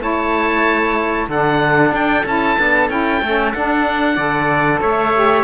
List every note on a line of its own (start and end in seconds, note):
0.00 1.28 A3
0.00 1.28 E4
0.00 1.30 C#5
0.00 1.30 A5
1.28 1.92 D3
1.28 2.25 D4
1.28 4.16 A4
1.28 1.95 F#5
1.92 2.24 D4
1.92 2.27 G5
2.26 2.57 C#4
2.26 2.59 E4
2.26 2.91 A5
2.59 2.90 B3
2.59 2.90 D4
2.90 3.22 C#4
2.90 3.22 E4
2.90 3.53 G5
3.22 3.54 A3
3.22 3.55 C#4
3.53 4.18 D4
3.53 4.81 F#5
4.16 4.81 D3
4.16 5.14 A4
4.16 4.80 D5
4.81 5.44 A3
4.81 5.44 C#5
4.81 5.44 E5
5.14 5.44 G4